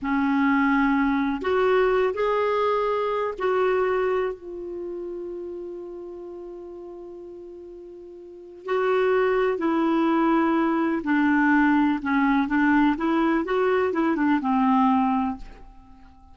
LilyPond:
\new Staff \with { instrumentName = "clarinet" } { \time 4/4 \tempo 4 = 125 cis'2. fis'4~ | fis'8 gis'2~ gis'8 fis'4~ | fis'4 f'2.~ | f'1~ |
f'2 fis'2 | e'2. d'4~ | d'4 cis'4 d'4 e'4 | fis'4 e'8 d'8 c'2 | }